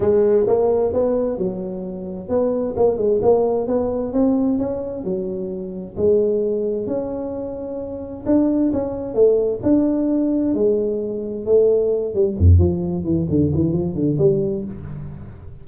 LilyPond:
\new Staff \with { instrumentName = "tuba" } { \time 4/4 \tempo 4 = 131 gis4 ais4 b4 fis4~ | fis4 b4 ais8 gis8 ais4 | b4 c'4 cis'4 fis4~ | fis4 gis2 cis'4~ |
cis'2 d'4 cis'4 | a4 d'2 gis4~ | gis4 a4. g8 f,8 f8~ | f8 e8 d8 e8 f8 d8 g4 | }